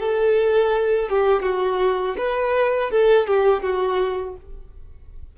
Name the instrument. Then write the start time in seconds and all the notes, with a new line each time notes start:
violin
0.00 A4
1.10 G4
1.43 F#4
2.18 B4
2.91 A4
3.28 G4
3.63 F#4